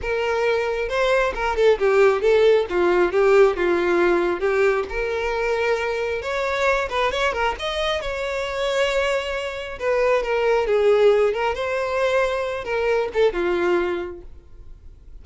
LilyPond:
\new Staff \with { instrumentName = "violin" } { \time 4/4 \tempo 4 = 135 ais'2 c''4 ais'8 a'8 | g'4 a'4 f'4 g'4 | f'2 g'4 ais'4~ | ais'2 cis''4. b'8 |
cis''8 ais'8 dis''4 cis''2~ | cis''2 b'4 ais'4 | gis'4. ais'8 c''2~ | c''8 ais'4 a'8 f'2 | }